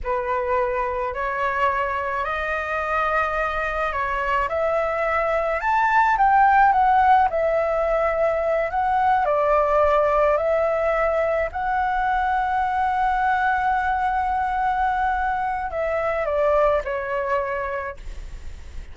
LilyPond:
\new Staff \with { instrumentName = "flute" } { \time 4/4 \tempo 4 = 107 b'2 cis''2 | dis''2. cis''4 | e''2 a''4 g''4 | fis''4 e''2~ e''8 fis''8~ |
fis''8 d''2 e''4.~ | e''8 fis''2.~ fis''8~ | fis''1 | e''4 d''4 cis''2 | }